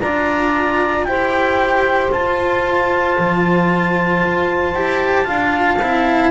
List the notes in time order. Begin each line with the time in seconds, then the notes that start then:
0.00 D4 F4 D5 A#5
1.04 E4 G4 C5 G5
2.11 F4 A5
3.18 F3
4.23 F4
4.74 E4 G4
5.25 D4 F4 F5
5.79 C4 E4